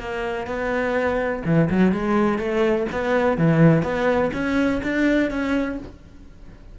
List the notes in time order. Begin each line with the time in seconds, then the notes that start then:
0.00 A#3
0.47 B3
1.46 E3
1.71 F#3
1.92 G#3
2.39 A3
2.92 B3
3.38 E3
3.83 B3
4.34 C#4
4.83 D4
5.31 C#4